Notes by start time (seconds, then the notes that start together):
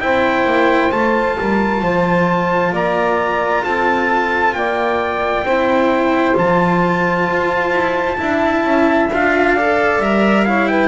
0.00 C4 E4 C5 G5
0.45 A#3
0.92 A3 F4 A5
1.37 G3 A#4
1.82 F3 C5
2.72 A#3 D5 A#5
3.64 C4 A4 A5
4.54 A#3 D5 G5
5.43 C4 E4 C5
6.35 F3 F4 A5
7.28 F4
7.72 E4
8.18 D4 E4 E5
8.64 C#4
9.08 D4 F4 F5
9.54 A4 D5
9.98 G3 A#4 E5
10.45 E4 C#5 F5
10.68 B4 G5